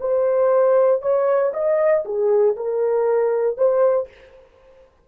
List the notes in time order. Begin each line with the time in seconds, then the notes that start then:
0.00 C5
1.02 C#5
1.53 D#5
2.05 G#4
2.57 A#4
3.57 C5